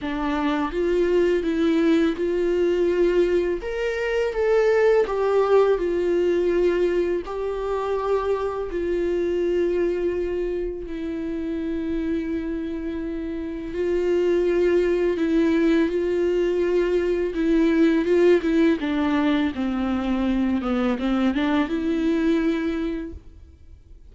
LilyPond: \new Staff \with { instrumentName = "viola" } { \time 4/4 \tempo 4 = 83 d'4 f'4 e'4 f'4~ | f'4 ais'4 a'4 g'4 | f'2 g'2 | f'2. e'4~ |
e'2. f'4~ | f'4 e'4 f'2 | e'4 f'8 e'8 d'4 c'4~ | c'8 b8 c'8 d'8 e'2 | }